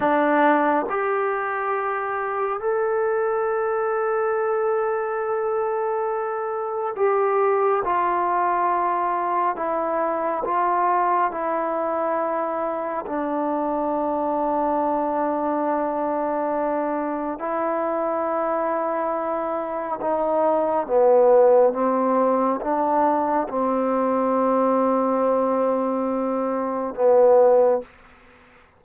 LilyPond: \new Staff \with { instrumentName = "trombone" } { \time 4/4 \tempo 4 = 69 d'4 g'2 a'4~ | a'1 | g'4 f'2 e'4 | f'4 e'2 d'4~ |
d'1 | e'2. dis'4 | b4 c'4 d'4 c'4~ | c'2. b4 | }